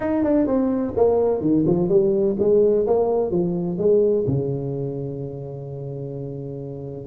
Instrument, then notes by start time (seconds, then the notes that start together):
tuba
0.00 D#4
0.23 D4
0.46 C4
0.96 A#3
1.41 D#3
1.66 F3
1.89 G3
2.39 G#3
2.86 A#3
3.30 F3
3.78 G#3
4.27 C#3